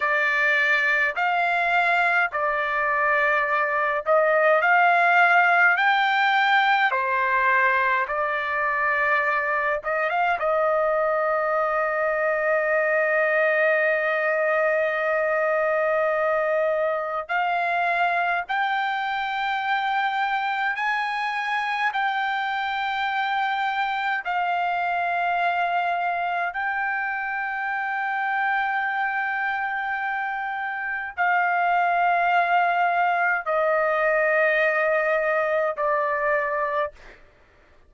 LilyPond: \new Staff \with { instrumentName = "trumpet" } { \time 4/4 \tempo 4 = 52 d''4 f''4 d''4. dis''8 | f''4 g''4 c''4 d''4~ | d''8 dis''16 f''16 dis''2.~ | dis''2. f''4 |
g''2 gis''4 g''4~ | g''4 f''2 g''4~ | g''2. f''4~ | f''4 dis''2 d''4 | }